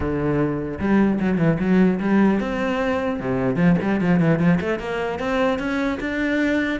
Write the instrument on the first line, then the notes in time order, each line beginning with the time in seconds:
cello
0.00 D3
0.79 G3
1.20 F#3
1.38 E3
1.59 F#3
2.00 G3
2.39 C4
3.20 C3
3.56 F3
3.81 G3
4.01 F3
4.19 E3
4.39 F3
4.60 A3
4.79 A#3
5.19 C4
5.58 C#4
5.99 D4